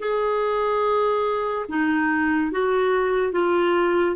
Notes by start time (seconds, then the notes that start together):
0.00 G#4
1.69 D#4
2.52 F#4
3.33 F4